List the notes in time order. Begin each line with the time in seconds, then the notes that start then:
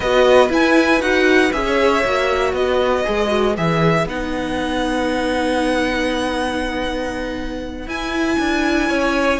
0.00 B3 F#4 B4 D#5
0.49 E4 G#5
1.01 D#4 F#4 F#5
1.52 C#4 G#4 E5
1.66 C#5
2.04 A#3 F#4
2.52 B3 B4 D#5
3.04 G#3 G#4
3.27 F#4
3.56 E3 G#4 E5
4.05 B3 D#4 F#5
7.86 E4 G#5
8.39 D4
8.89 C#4 C#5